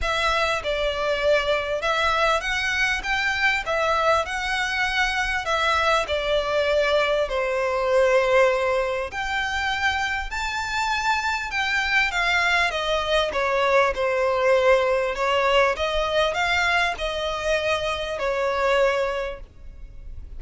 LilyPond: \new Staff \with { instrumentName = "violin" } { \time 4/4 \tempo 4 = 99 e''4 d''2 e''4 | fis''4 g''4 e''4 fis''4~ | fis''4 e''4 d''2 | c''2. g''4~ |
g''4 a''2 g''4 | f''4 dis''4 cis''4 c''4~ | c''4 cis''4 dis''4 f''4 | dis''2 cis''2 | }